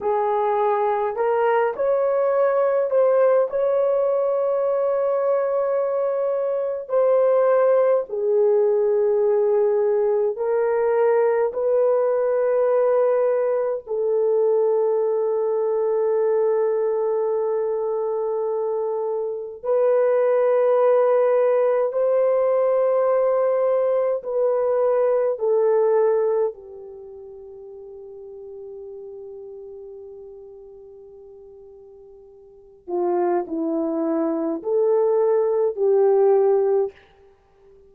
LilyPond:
\new Staff \with { instrumentName = "horn" } { \time 4/4 \tempo 4 = 52 gis'4 ais'8 cis''4 c''8 cis''4~ | cis''2 c''4 gis'4~ | gis'4 ais'4 b'2 | a'1~ |
a'4 b'2 c''4~ | c''4 b'4 a'4 g'4~ | g'1~ | g'8 f'8 e'4 a'4 g'4 | }